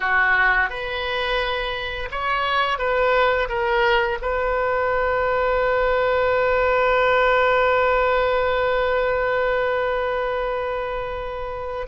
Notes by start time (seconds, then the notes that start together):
0.00 F#4
0.69 B4
2.11 C#5
2.78 B4
3.48 A#4
4.21 B4